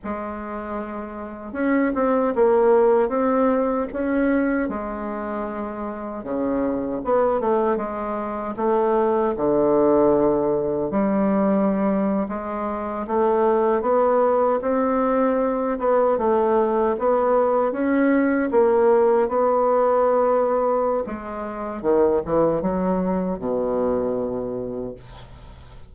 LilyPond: \new Staff \with { instrumentName = "bassoon" } { \time 4/4 \tempo 4 = 77 gis2 cis'8 c'8 ais4 | c'4 cis'4 gis2 | cis4 b8 a8 gis4 a4 | d2 g4.~ g16 gis16~ |
gis8. a4 b4 c'4~ c'16~ | c'16 b8 a4 b4 cis'4 ais16~ | ais8. b2~ b16 gis4 | dis8 e8 fis4 b,2 | }